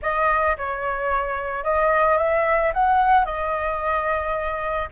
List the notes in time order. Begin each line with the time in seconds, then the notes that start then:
0.02 D#5
0.57 C#5
1.63 D#5
2.17 E5
2.73 F#5
3.25 D#5